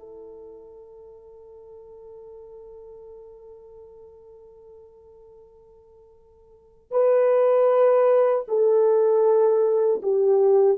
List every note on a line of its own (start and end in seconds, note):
0.00 6.92 A4
6.92 8.45 B4
8.48 10.02 A4
10.03 10.79 G4